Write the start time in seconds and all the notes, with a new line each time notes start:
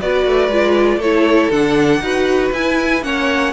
0.00 B3 F#4 B4 D5
0.26 A3
0.48 G#3 F4
0.97 A3 A4 C#5
1.03 E4
1.51 D3 D4 F#5
2.00 D#4 F#4 B4
2.52 E4 G#5
3.02 A#3 C#4 C#5 F#5